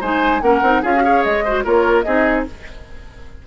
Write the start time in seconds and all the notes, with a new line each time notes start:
0.00 G#3 D#4 C5 G#5
0.41 A#3 C#4 A#4 F#5
0.61 C4 D#4
0.82 C#4 F4 G#4 F5
0.95 F#4
1.03 G#4 C#5
1.23 G#3 D#5
1.44 F#4 C5
1.63 A#3 F4 A#4 C#5
2.02 C4 D#4 G#4 D#5